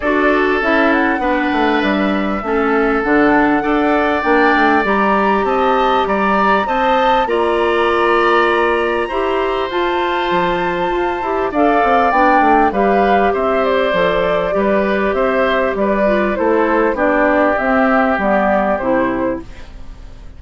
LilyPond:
<<
  \new Staff \with { instrumentName = "flute" } { \time 4/4 \tempo 4 = 99 d''4 e''8 fis''4. e''4~ | e''4 fis''2 g''4 | ais''4 a''4 ais''4 a''4 | ais''1 |
a''2. f''4 | g''4 f''4 e''8 d''4.~ | d''4 e''4 d''4 c''4 | d''4 e''4 d''4 c''4 | }
  \new Staff \with { instrumentName = "oboe" } { \time 4/4 a'2 b'2 | a'2 d''2~ | d''4 dis''4 d''4 dis''4 | d''2. c''4~ |
c''2. d''4~ | d''4 b'4 c''2 | b'4 c''4 b'4 a'4 | g'1 | }
  \new Staff \with { instrumentName = "clarinet" } { \time 4/4 fis'4 e'4 d'2 | cis'4 d'4 a'4 d'4 | g'2. c''4 | f'2. g'4 |
f'2~ f'8 g'8 a'4 | d'4 g'2 a'4 | g'2~ g'8 f'8 e'4 | d'4 c'4 b4 e'4 | }
  \new Staff \with { instrumentName = "bassoon" } { \time 4/4 d'4 cis'4 b8 a8 g4 | a4 d4 d'4 ais8 a8 | g4 c'4 g4 c'4 | ais2. e'4 |
f'4 f4 f'8 e'8 d'8 c'8 | b8 a8 g4 c'4 f4 | g4 c'4 g4 a4 | b4 c'4 g4 c4 | }
>>